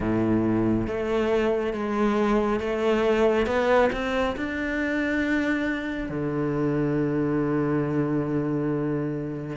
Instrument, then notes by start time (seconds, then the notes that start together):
cello
0.00 A2
0.87 A3
1.73 G#3
2.59 A3
3.46 B3
3.92 C4
4.36 D4
6.09 D3